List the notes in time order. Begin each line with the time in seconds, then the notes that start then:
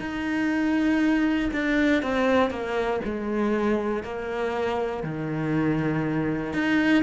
0.00 D#4
1.52 D4
2.02 C4
2.50 A#3
3.05 G#3
4.03 A#3
5.03 D#3
6.53 D#4